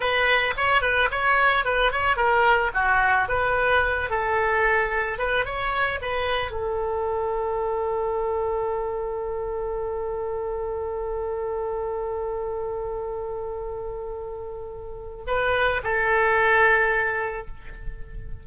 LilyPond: \new Staff \with { instrumentName = "oboe" } { \time 4/4 \tempo 4 = 110 b'4 cis''8 b'8 cis''4 b'8 cis''8 | ais'4 fis'4 b'4. a'8~ | a'4. b'8 cis''4 b'4 | a'1~ |
a'1~ | a'1~ | a'1 | b'4 a'2. | }